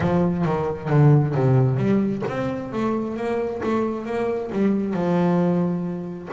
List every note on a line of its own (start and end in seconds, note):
0.00 0.45 F3
0.45 0.89 D#3
0.89 1.34 D3
1.34 1.77 C3
1.77 2.22 G3
2.28 2.72 C4
2.72 3.16 A3
3.16 3.61 A#3
3.63 4.05 A3
4.05 4.50 A#3
4.52 4.93 G3
4.93 6.28 F3